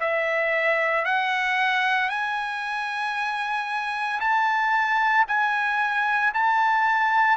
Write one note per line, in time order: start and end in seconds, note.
0.00 1.05 E5
1.05 2.10 F#5
2.10 4.20 G#5
4.20 5.25 A5
5.28 6.33 G#5
6.33 7.37 A5